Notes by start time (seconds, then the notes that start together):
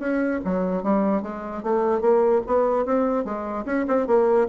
0.00 C#4
0.45 F#3
0.83 G3
1.23 G#3
1.64 A3
2.02 A#3
2.47 B3
2.86 C4
3.25 G#3
3.66 C#4
3.88 C4
4.08 A#3